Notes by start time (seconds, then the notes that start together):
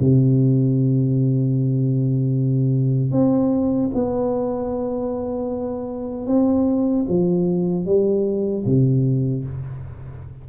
0.00 C3
3.11 C4
3.95 B3
6.27 C4
7.08 F3
7.86 G3
8.66 C3